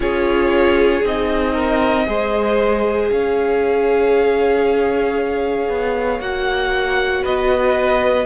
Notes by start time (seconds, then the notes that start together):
0.00 C#4 F4 G#4 C#5
1.04 C4 D#4 D#5
1.53 A#4
2.06 G#3 G#4 C5
3.10 C#4 C#5 F5
5.68 B3
6.19 A#3 F#4 F#5
7.22 B3 B4 D#5